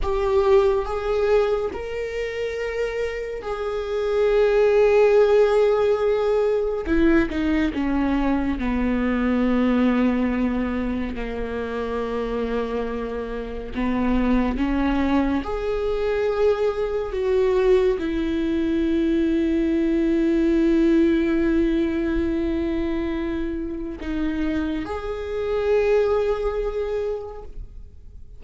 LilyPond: \new Staff \with { instrumentName = "viola" } { \time 4/4 \tempo 4 = 70 g'4 gis'4 ais'2 | gis'1 | e'8 dis'8 cis'4 b2~ | b4 ais2. |
b4 cis'4 gis'2 | fis'4 e'2.~ | e'1 | dis'4 gis'2. | }